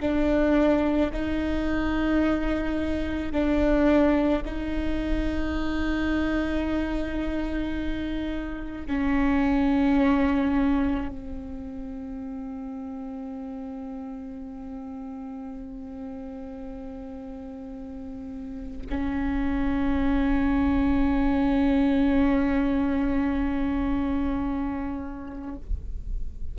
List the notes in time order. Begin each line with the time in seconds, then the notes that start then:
0.00 D4
1.12 D#4
3.31 D4
4.44 D#4
8.86 C#4
11.09 C4
18.89 C#4